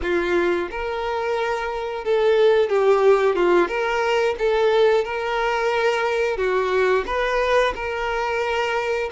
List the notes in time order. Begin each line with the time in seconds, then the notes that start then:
0.02 F4
0.70 A#4
2.04 A4
2.69 G4
3.35 F4
3.67 A#4
4.38 A4
5.04 A#4
6.37 F#4
7.06 B4
7.75 A#4